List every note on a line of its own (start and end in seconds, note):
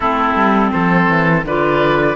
0.00 0.35 A3
0.00 1.45 C4
0.00 0.70 E4
0.00 0.71 A4
0.35 0.71 G3
0.71 1.08 F3
0.71 1.45 A4
0.71 1.43 C5
1.08 1.44 E3
1.44 2.15 D3
1.44 2.15 F4
1.44 2.15 B4
1.44 2.15 D5